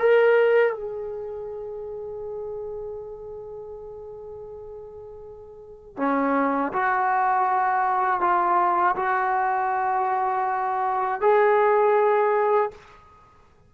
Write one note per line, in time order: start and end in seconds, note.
0.00 0.73 A#4
0.73 5.98 G#4
5.98 6.73 C#4
6.73 8.21 F#4
8.21 8.96 F4
8.97 11.22 F#4
11.22 12.72 G#4